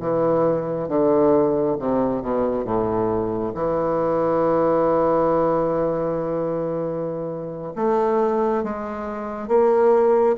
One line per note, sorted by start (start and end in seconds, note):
0.00 0.88 E3
0.88 1.76 D3
1.79 2.22 C3
2.22 2.64 B2
2.64 3.53 A2
3.54 7.73 E3
7.76 8.64 A3
8.64 9.48 G#3
9.48 10.36 A#3